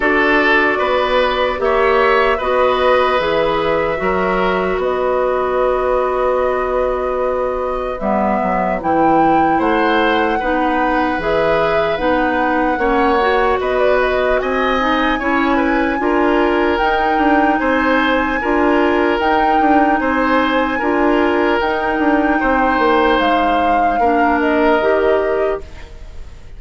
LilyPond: <<
  \new Staff \with { instrumentName = "flute" } { \time 4/4 \tempo 4 = 75 d''2 e''4 dis''4 | e''2 dis''2~ | dis''2 e''4 g''4 | fis''2 e''4 fis''4~ |
fis''4 dis''16 d''16 dis''8 gis''2~ | gis''4 g''4 gis''2 | g''4 gis''2 g''4~ | g''4 f''4. dis''4. | }
  \new Staff \with { instrumentName = "oboe" } { \time 4/4 a'4 b'4 cis''4 b'4~ | b'4 ais'4 b'2~ | b'1 | c''4 b'2. |
cis''4 b'4 dis''4 cis''8 b'8 | ais'2 c''4 ais'4~ | ais'4 c''4 ais'2 | c''2 ais'2 | }
  \new Staff \with { instrumentName = "clarinet" } { \time 4/4 fis'2 g'4 fis'4 | gis'4 fis'2.~ | fis'2 b4 e'4~ | e'4 dis'4 gis'4 dis'4 |
cis'8 fis'2 dis'8 e'4 | f'4 dis'2 f'4 | dis'2 f'4 dis'4~ | dis'2 d'4 g'4 | }
  \new Staff \with { instrumentName = "bassoon" } { \time 4/4 d'4 b4 ais4 b4 | e4 fis4 b2~ | b2 g8 fis8 e4 | a4 b4 e4 b4 |
ais4 b4 c'4 cis'4 | d'4 dis'8 d'8 c'4 d'4 | dis'8 d'8 c'4 d'4 dis'8 d'8 | c'8 ais8 gis4 ais4 dis4 | }
>>